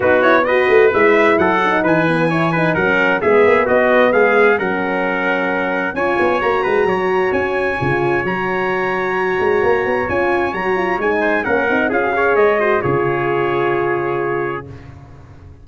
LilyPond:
<<
  \new Staff \with { instrumentName = "trumpet" } { \time 4/4 \tempo 4 = 131 b'8 cis''8 dis''4 e''4 fis''4 | gis''2 fis''4 e''4 | dis''4 f''4 fis''2~ | fis''4 gis''4 ais''2 |
gis''2 ais''2~ | ais''2 gis''4 ais''4 | gis''4 fis''4 f''4 dis''4 | cis''1 | }
  \new Staff \with { instrumentName = "trumpet" } { \time 4/4 fis'4 b'2 a'4 | b'4 cis''8 b'8 ais'4 gis'4 | fis'4 gis'4 ais'2~ | ais'4 cis''4. b'8 cis''4~ |
cis''1~ | cis''1~ | cis''8 c''8 ais'4 gis'8 cis''4 c''8 | gis'1 | }
  \new Staff \with { instrumentName = "horn" } { \time 4/4 dis'8 e'8 fis'4 e'4. dis'8~ | dis'8 b8 e'8 dis'8 cis'4 b4~ | b2 cis'2~ | cis'4 f'4 fis'2~ |
fis'4 f'4 fis'2~ | fis'2 f'4 fis'8 f'8 | dis'4 cis'8 dis'8 f'16 fis'16 gis'4 fis'8 | f'1 | }
  \new Staff \with { instrumentName = "tuba" } { \time 4/4 b4. a8 gis4 fis4 | e2 fis4 gis8 ais8 | b4 gis4 fis2~ | fis4 cis'8 b8 ais8 gis8 fis4 |
cis'4 cis4 fis2~ | fis8 gis8 ais8 b8 cis'4 fis4 | gis4 ais8 c'8 cis'4 gis4 | cis1 | }
>>